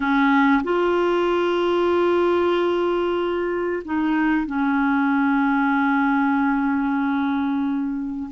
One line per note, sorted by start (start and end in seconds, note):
0.00 0.62 C#4
0.63 3.82 F4
3.84 4.46 D#4
4.46 8.29 C#4